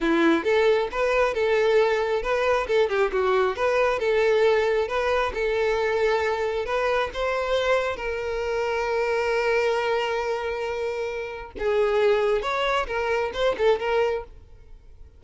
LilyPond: \new Staff \with { instrumentName = "violin" } { \time 4/4 \tempo 4 = 135 e'4 a'4 b'4 a'4~ | a'4 b'4 a'8 g'8 fis'4 | b'4 a'2 b'4 | a'2. b'4 |
c''2 ais'2~ | ais'1~ | ais'2 gis'2 | cis''4 ais'4 c''8 a'8 ais'4 | }